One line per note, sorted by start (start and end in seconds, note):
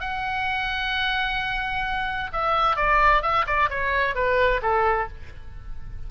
0.00 2.31 F#5
2.32 2.76 E5
2.76 3.22 D5
3.22 3.45 E5
3.46 3.69 D5
3.69 4.15 C#5
4.15 4.61 B4
4.62 5.08 A4